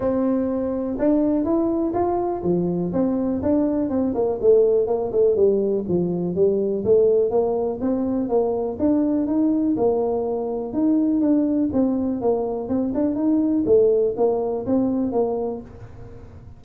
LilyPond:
\new Staff \with { instrumentName = "tuba" } { \time 4/4 \tempo 4 = 123 c'2 d'4 e'4 | f'4 f4 c'4 d'4 | c'8 ais8 a4 ais8 a8 g4 | f4 g4 a4 ais4 |
c'4 ais4 d'4 dis'4 | ais2 dis'4 d'4 | c'4 ais4 c'8 d'8 dis'4 | a4 ais4 c'4 ais4 | }